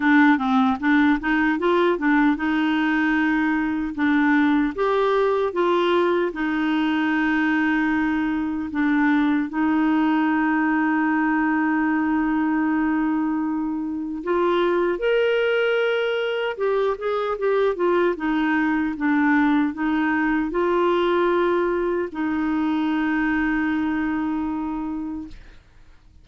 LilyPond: \new Staff \with { instrumentName = "clarinet" } { \time 4/4 \tempo 4 = 76 d'8 c'8 d'8 dis'8 f'8 d'8 dis'4~ | dis'4 d'4 g'4 f'4 | dis'2. d'4 | dis'1~ |
dis'2 f'4 ais'4~ | ais'4 g'8 gis'8 g'8 f'8 dis'4 | d'4 dis'4 f'2 | dis'1 | }